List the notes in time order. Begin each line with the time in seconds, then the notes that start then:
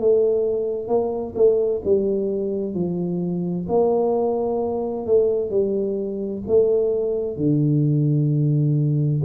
0.00 A3
0.88 A#3
1.36 A3
1.85 G3
2.74 F3
3.69 A#3
5.06 A3
5.50 G3
6.47 A3
7.37 D3